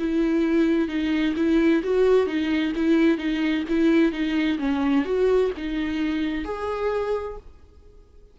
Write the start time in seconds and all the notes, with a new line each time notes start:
0.00 E4
0.89 D#4
1.37 E4
1.84 F#4
2.27 D#4
2.76 E4
3.18 D#4
3.69 E4
4.12 D#4
4.59 C#4
5.05 F#4
5.57 D#4
6.45 G#4